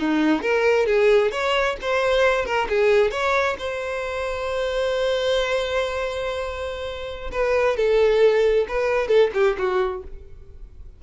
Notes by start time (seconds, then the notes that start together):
0.00 D#4
0.42 A#4
0.87 G#4
1.32 C#5
1.82 C5
2.46 A#4
2.70 G#4
3.11 C#5
3.59 C5
7.32 B4
7.77 A4
8.69 B4
9.08 A4
9.34 G4
9.59 F#4